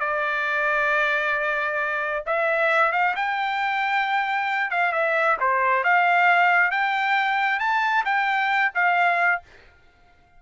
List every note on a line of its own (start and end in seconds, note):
0.00 2.24 D5
2.27 2.92 E5
2.92 3.15 F5
3.16 4.71 G5
4.71 4.92 F5
4.92 5.37 E5
5.40 5.84 C5
5.84 6.71 F5
6.71 7.60 G5
7.60 8.05 A5
8.05 8.73 G5
8.75 9.42 F5